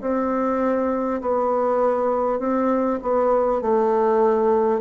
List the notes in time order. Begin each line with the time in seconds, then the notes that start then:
0.00 C4
1.21 B3
2.39 C4
3.02 B3
3.61 A3